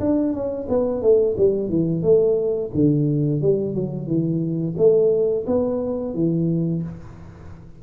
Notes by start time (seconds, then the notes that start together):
0.00 D4
0.33 C#4
0.68 B3
1.02 A3
1.37 G3
1.69 E3
2.02 A3
2.74 D3
3.41 G3
3.74 F#3
4.07 E3
4.77 A3
5.46 B3
6.14 E3